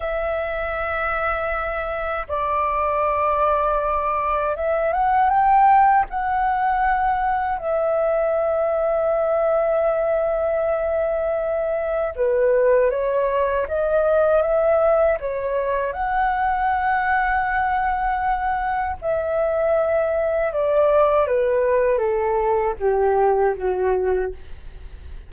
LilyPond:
\new Staff \with { instrumentName = "flute" } { \time 4/4 \tempo 4 = 79 e''2. d''4~ | d''2 e''8 fis''8 g''4 | fis''2 e''2~ | e''1 |
b'4 cis''4 dis''4 e''4 | cis''4 fis''2.~ | fis''4 e''2 d''4 | b'4 a'4 g'4 fis'4 | }